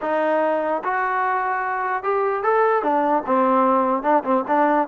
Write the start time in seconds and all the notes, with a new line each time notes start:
0.01 D#4
0.84 F#4
2.03 G4
2.43 A4
2.82 D4
3.26 C4
4.02 D4
4.24 C4
4.47 D4